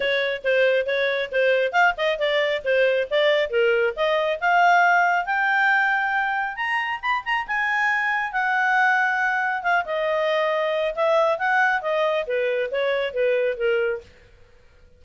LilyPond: \new Staff \with { instrumentName = "clarinet" } { \time 4/4 \tempo 4 = 137 cis''4 c''4 cis''4 c''4 | f''8 dis''8 d''4 c''4 d''4 | ais'4 dis''4 f''2 | g''2. ais''4 |
b''8 ais''8 gis''2 fis''4~ | fis''2 f''8 dis''4.~ | dis''4 e''4 fis''4 dis''4 | b'4 cis''4 b'4 ais'4 | }